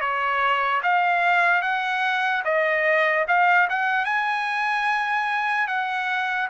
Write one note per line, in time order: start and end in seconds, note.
0.00 0.81 C#5
0.83 1.61 F5
1.61 2.43 F#5
2.44 3.25 D#5
3.27 3.68 F5
3.69 4.05 F#5
4.05 5.67 G#5
5.67 6.48 F#5